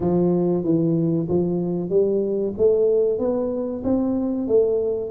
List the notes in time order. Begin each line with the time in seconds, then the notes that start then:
0.00 F3
0.64 E3
1.29 F3
1.89 G3
2.57 A3
3.19 B3
3.84 C4
4.47 A3